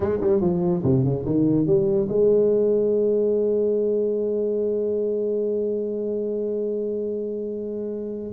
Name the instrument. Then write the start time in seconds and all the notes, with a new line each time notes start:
tuba
0.00 G#3
0.20 G3
0.41 F3
0.83 C3
1.03 C#3
1.25 D#3
1.66 G3
2.08 G#3